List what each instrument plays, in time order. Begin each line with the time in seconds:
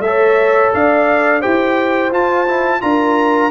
0.00 tuba A3, trumpet E5
0.06 trombone A4, horn C#5
0.75 tuba D4, horn D5, trumpet F5
1.41 tuba E4, trombone G4, horn C5, trumpet G5
2.12 tuba F4, trombone F4, trumpet A5
2.48 trombone E4
2.81 tuba D4, trombone F4, horn A#4, trumpet A#5